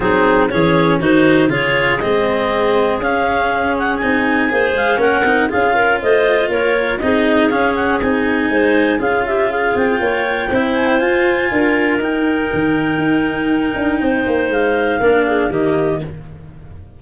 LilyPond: <<
  \new Staff \with { instrumentName = "clarinet" } { \time 4/4 \tempo 4 = 120 gis'4 cis''4 c''4 cis''4 | dis''2 f''4. fis''8 | gis''4. f''8 fis''4 f''4 | dis''4 cis''4 dis''4 f''8 fis''8 |
gis''2 f''8 e''8 f''8 g''8~ | g''4. gis''16 g''16 gis''2 | g''1~ | g''4 f''2 dis''4 | }
  \new Staff \with { instrumentName = "clarinet" } { \time 4/4 dis'4 gis'4 fis'4 gis'4~ | gis'1~ | gis'4 c''4 ais'4 gis'8 ais'8 | c''4 ais'4 gis'2~ |
gis'4 c''4 gis'8 g'8 gis'4 | cis''4 c''2 ais'4~ | ais'1 | c''2 ais'8 gis'8 g'4 | }
  \new Staff \with { instrumentName = "cello" } { \time 4/4 c'4 cis'4 dis'4 f'4 | c'2 cis'2 | dis'4 gis'4 cis'8 dis'8 f'4~ | f'2 dis'4 cis'4 |
dis'2 f'2~ | f'4 e'4 f'2 | dis'1~ | dis'2 d'4 ais4 | }
  \new Staff \with { instrumentName = "tuba" } { \time 4/4 fis4 e4 dis4 cis4 | gis2 cis'2 | c'4 ais8 gis8 ais8 c'8 cis'4 | a4 ais4 c'4 cis'4 |
c'4 gis4 cis'4. c'8 | ais4 c'4 f'4 d'4 | dis'4 dis4 dis'4. d'8 | c'8 ais8 gis4 ais4 dis4 | }
>>